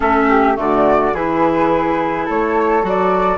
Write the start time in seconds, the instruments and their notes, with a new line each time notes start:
0.00 bassoon A3, clarinet C#4, flute A4 E5
0.29 flute G4
0.54 bassoon D3, clarinet A3, flute F#4 D5
1.12 bassoon E3, clarinet E4, flute G#4 B4
2.25 bassoon A3, flute A4 C#5
2.82 bassoon F#3, clarinet F#4, flute D5